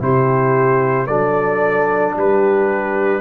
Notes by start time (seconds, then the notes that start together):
0.00 C3 E4 G4 C5
1.07 F#3 D4 A4 D5
2.15 G3 G4 B4